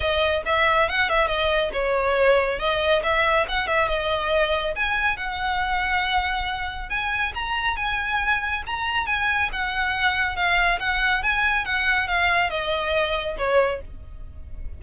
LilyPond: \new Staff \with { instrumentName = "violin" } { \time 4/4 \tempo 4 = 139 dis''4 e''4 fis''8 e''8 dis''4 | cis''2 dis''4 e''4 | fis''8 e''8 dis''2 gis''4 | fis''1 |
gis''4 ais''4 gis''2 | ais''4 gis''4 fis''2 | f''4 fis''4 gis''4 fis''4 | f''4 dis''2 cis''4 | }